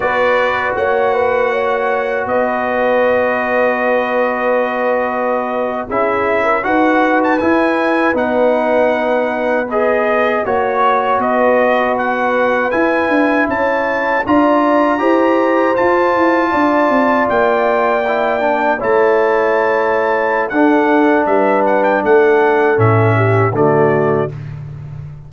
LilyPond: <<
  \new Staff \with { instrumentName = "trumpet" } { \time 4/4 \tempo 4 = 79 d''4 fis''2 dis''4~ | dis''2.~ dis''8. e''16~ | e''8. fis''8. a''16 gis''4 fis''4~ fis''16~ | fis''8. dis''4 cis''4 dis''4 fis''16~ |
fis''8. gis''4 a''4 ais''4~ ais''16~ | ais''8. a''2 g''4~ g''16~ | g''8. a''2~ a''16 fis''4 | e''8 fis''16 g''16 fis''4 e''4 d''4 | }
  \new Staff \with { instrumentName = "horn" } { \time 4/4 b'4 cis''8 b'8 cis''4 b'4~ | b'2.~ b'8. gis'16~ | gis'8 ais'16 b'2.~ b'16~ | b'4.~ b'16 cis''4 b'4~ b'16~ |
b'4.~ b'16 cis''4 d''4 c''16~ | c''4.~ c''16 d''2~ d''16~ | d''8. cis''2~ cis''16 a'4 | b'4 a'4. g'8 fis'4 | }
  \new Staff \with { instrumentName = "trombone" } { \time 4/4 fis'1~ | fis'2.~ fis'8. e'16~ | e'8. fis'4 e'4 dis'4~ dis'16~ | dis'8. gis'4 fis'2~ fis'16~ |
fis'8. e'2 f'4 g'16~ | g'8. f'2. e'16~ | e'16 d'8 e'2~ e'16 d'4~ | d'2 cis'4 a4 | }
  \new Staff \with { instrumentName = "tuba" } { \time 4/4 b4 ais2 b4~ | b2.~ b8. cis'16~ | cis'8. dis'4 e'4 b4~ b16~ | b4.~ b16 ais4 b4~ b16~ |
b8. e'8 d'8 cis'4 d'4 e'16~ | e'8. f'8 e'8 d'8 c'8 ais4~ ais16~ | ais8. a2~ a16 d'4 | g4 a4 a,4 d4 | }
>>